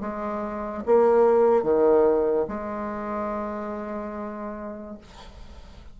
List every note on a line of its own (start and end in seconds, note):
0.00 0.83 G#3
0.85 1.62 A#3
1.62 2.46 D#3
2.48 4.98 G#3